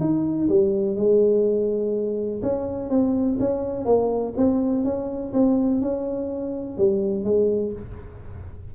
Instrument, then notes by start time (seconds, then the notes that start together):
tuba
0.00 D#4
0.49 G3
0.96 G#3
2.43 C#4
2.90 C4
3.40 C#4
3.85 A#3
4.37 C4
4.85 C#4
5.33 C4
5.81 C#4
6.78 G3
7.24 G#3